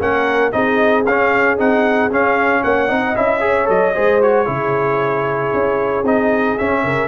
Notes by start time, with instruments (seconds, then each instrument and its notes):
0.00 tuba A#3, trombone C#4, horn A#4, trumpet F#5
0.52 tuba C4, trombone D#4, horn G#4, trumpet D#5
1.06 tuba C#4, trombone C#4, trumpet F5
1.58 tuba C4, trombone D#4, trumpet F#5
2.11 tuba C#4, trombone C#4, trumpet F5
2.63 tuba A#3, horn C#5, trumpet F#5
2.88 tuba C4, trombone D#4, horn D#5
3.14 tuba C#4, trombone E4, trumpet E5
3.40 trombone G#4, horn C#5
3.65 tuba F#3, trombone A4, trumpet D#5
3.94 tuba G#3, trombone G#4, horn C5
4.21 trombone F#4, trumpet C#5
4.45 tuba C#3, trombone E4, horn G#4
5.53 tuba C#4
6.03 tuba C4, trombone D#4, trumpet D#5
6.58 trombone C#4, tuba C#4, trumpet E5
6.84 tuba C#3, horn A#4